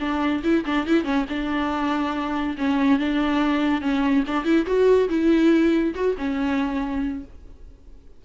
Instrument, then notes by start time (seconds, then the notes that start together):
viola
0.00 D4
0.44 E4
0.66 D4
0.87 E4
1.05 C#4
1.29 D4
2.58 C#4
2.99 D4
3.82 C#4
4.27 D4
4.45 E4
4.67 F#4
5.09 E4
5.95 F#4
6.18 C#4